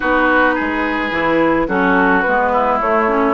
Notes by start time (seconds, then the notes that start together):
0.00 B3 D#4 F#4 B4
0.54 G#3 G#4
1.11 E3 E4
1.68 F#3 C#4 F#4 A4
2.21 G#3 B3 B4
2.52 E4
2.80 A3 C#5
3.07 C#4